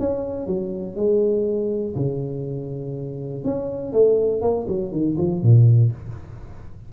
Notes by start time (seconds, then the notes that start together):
0.00 C#4
0.47 F#3
0.96 G#3
1.96 C#3
3.45 C#4
3.93 A3
4.42 A#3
4.68 F#3
4.92 D#3
5.18 F3
5.43 A#2